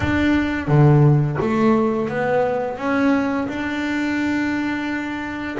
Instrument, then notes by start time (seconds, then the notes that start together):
double bass
0.00 D4
0.67 D3
1.40 A3
2.08 B3
2.77 C#4
3.48 D4